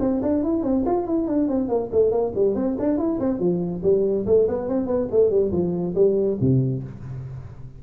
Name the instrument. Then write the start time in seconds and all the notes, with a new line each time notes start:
tuba
0.00 C4
0.22 D4
0.43 E4
0.63 C4
0.86 F4
1.07 E4
1.27 D4
1.48 C4
1.68 A#3
1.92 A3
2.11 A#3
2.35 G3
2.55 C4
2.79 D4
2.98 E4
3.20 C4
3.39 F3
3.83 G3
4.26 A3
4.48 B3
4.68 C4
4.86 B3
5.11 A3
5.30 G3
5.52 F3
5.95 G3
6.41 C3